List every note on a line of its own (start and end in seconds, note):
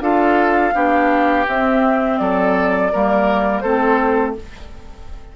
0.00 0.72 D4
0.00 0.73 F4
0.00 0.74 A4
0.00 1.46 F5
0.73 1.47 B3
0.73 1.46 D4
0.73 2.19 G4
1.46 2.91 C4
1.46 2.19 C4
1.46 2.18 E5
2.18 2.92 F#3
2.18 2.92 A4
2.18 3.60 D5
2.92 3.63 G3
2.92 3.63 A#3
2.92 3.62 A#4
3.60 4.35 A3
3.60 4.36 C4
3.60 4.35 A4
3.60 4.32 C5